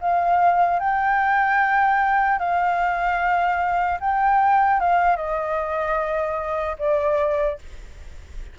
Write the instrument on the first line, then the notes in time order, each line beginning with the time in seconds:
flute
0.00 F5
0.79 G5
2.39 F5
4.00 G5
4.80 F5
5.16 D#5
6.79 D5